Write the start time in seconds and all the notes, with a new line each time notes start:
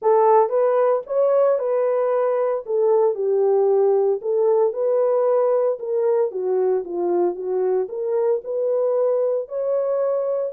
0.01 A4
0.49 B4
1.06 C#5
1.58 B4
2.66 A4
3.14 G4
4.21 A4
4.73 B4
5.79 A#4
6.31 F#4
6.84 F4
7.35 F#4
7.88 A#4
8.44 B4
9.48 C#5